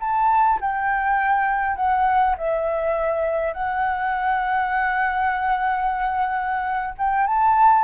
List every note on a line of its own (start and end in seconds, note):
0.00 0.59 A5
0.61 1.76 G5
1.76 2.36 F#5
2.38 3.53 E5
3.53 6.95 F#5
6.98 7.27 G5
7.27 7.84 A5